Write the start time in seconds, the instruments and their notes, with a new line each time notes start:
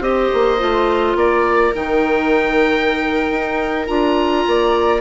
0.00 bassoon C4, clarinet G4, viola C5, oboe D#5
0.33 bassoon A#3
0.59 bassoon A3, clarinet F4
1.15 bassoon A#3, viola A#4, oboe D5
1.74 bassoon D#3, clarinet D#4, oboe G5
3.30 bassoon D#4
3.87 bassoon D4, clarinet F4, oboe A#5
4.47 bassoon A#3, viola D5